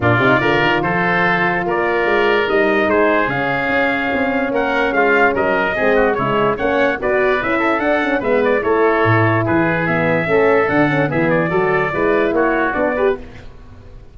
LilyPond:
<<
  \new Staff \with { instrumentName = "trumpet" } { \time 4/4 \tempo 4 = 146 d''2 c''2 | d''2 dis''4 c''4 | f''2. fis''4 | f''4 dis''2 cis''4 |
fis''4 d''4 e''4 fis''4 | e''8 d''8 cis''2 b'4 | e''2 fis''4 e''8 d''8~ | d''2 cis''4 d''4 | }
  \new Staff \with { instrumentName = "oboe" } { \time 4/4 f'4 ais'4 a'2 | ais'2. gis'4~ | gis'2. ais'4 | f'4 ais'4 gis'8 fis'8 e'4 |
cis''4 b'4. a'4. | b'4 a'2 gis'4~ | gis'4 a'2 gis'4 | a'4 b'4 fis'4. b'8 | }
  \new Staff \with { instrumentName = "horn" } { \time 4/4 d'8 dis'8 f'2.~ | f'2 dis'2 | cis'1~ | cis'2 c'4 gis4 |
cis'4 fis'4 e'4 d'8 cis'8 | b4 e'2. | b4 cis'4 d'8 cis'8 b4 | fis'4 e'2 d'8 g'8 | }
  \new Staff \with { instrumentName = "tuba" } { \time 4/4 ais,8 c8 d8 dis8 f2 | ais4 gis4 g4 gis4 | cis4 cis'4 c'4 ais4 | gis4 fis4 gis4 cis4 |
ais4 b4 cis'4 d'4 | gis4 a4 a,4 e4~ | e4 a4 d4 e4 | fis4 gis4 ais4 b4 | }
>>